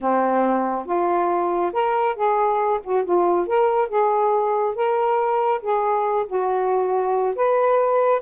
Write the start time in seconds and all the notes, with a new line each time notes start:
0.00 C4
0.85 F4
1.72 A#4
2.15 G#4
2.83 F#4
3.04 F4
3.46 A#4
3.88 G#4
4.75 A#4
5.61 G#4
6.27 F#4
7.35 B4